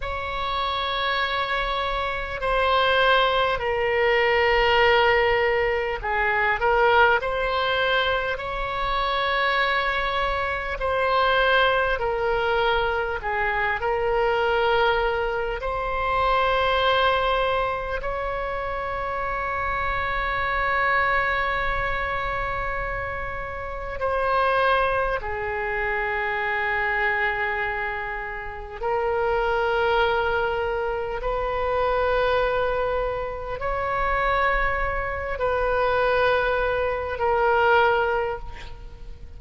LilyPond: \new Staff \with { instrumentName = "oboe" } { \time 4/4 \tempo 4 = 50 cis''2 c''4 ais'4~ | ais'4 gis'8 ais'8 c''4 cis''4~ | cis''4 c''4 ais'4 gis'8 ais'8~ | ais'4 c''2 cis''4~ |
cis''1 | c''4 gis'2. | ais'2 b'2 | cis''4. b'4. ais'4 | }